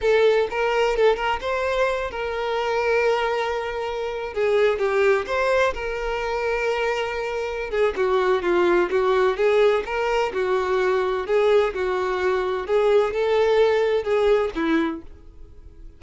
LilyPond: \new Staff \with { instrumentName = "violin" } { \time 4/4 \tempo 4 = 128 a'4 ais'4 a'8 ais'8 c''4~ | c''8 ais'2.~ ais'8~ | ais'4~ ais'16 gis'4 g'4 c''8.~ | c''16 ais'2.~ ais'8.~ |
ais'8 gis'8 fis'4 f'4 fis'4 | gis'4 ais'4 fis'2 | gis'4 fis'2 gis'4 | a'2 gis'4 e'4 | }